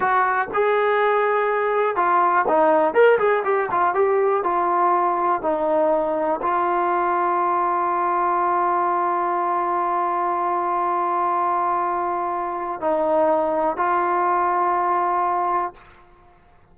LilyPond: \new Staff \with { instrumentName = "trombone" } { \time 4/4 \tempo 4 = 122 fis'4 gis'2. | f'4 dis'4 ais'8 gis'8 g'8 f'8 | g'4 f'2 dis'4~ | dis'4 f'2.~ |
f'1~ | f'1~ | f'2 dis'2 | f'1 | }